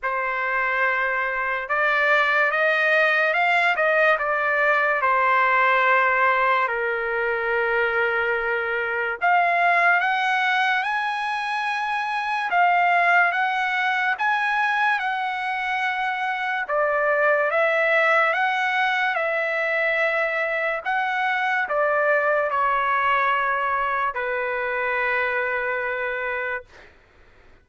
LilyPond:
\new Staff \with { instrumentName = "trumpet" } { \time 4/4 \tempo 4 = 72 c''2 d''4 dis''4 | f''8 dis''8 d''4 c''2 | ais'2. f''4 | fis''4 gis''2 f''4 |
fis''4 gis''4 fis''2 | d''4 e''4 fis''4 e''4~ | e''4 fis''4 d''4 cis''4~ | cis''4 b'2. | }